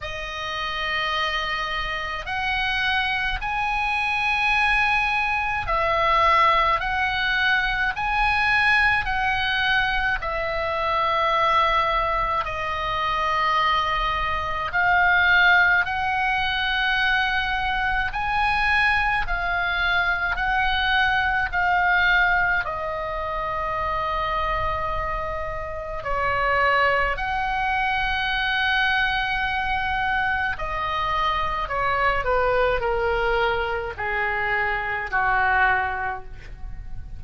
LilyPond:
\new Staff \with { instrumentName = "oboe" } { \time 4/4 \tempo 4 = 53 dis''2 fis''4 gis''4~ | gis''4 e''4 fis''4 gis''4 | fis''4 e''2 dis''4~ | dis''4 f''4 fis''2 |
gis''4 f''4 fis''4 f''4 | dis''2. cis''4 | fis''2. dis''4 | cis''8 b'8 ais'4 gis'4 fis'4 | }